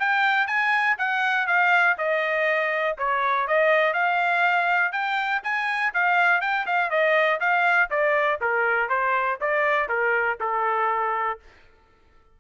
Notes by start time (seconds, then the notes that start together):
0.00 G5
0.48 G#5
0.98 F#5
1.47 F5
1.98 D#5
2.98 C#5
3.48 D#5
3.94 F5
4.92 G5
5.44 G#5
5.94 F5
6.41 G5
6.66 F5
6.91 D#5
7.40 F5
7.90 D5
8.41 A#4
8.89 C5
9.41 D5
9.89 A#4
10.40 A4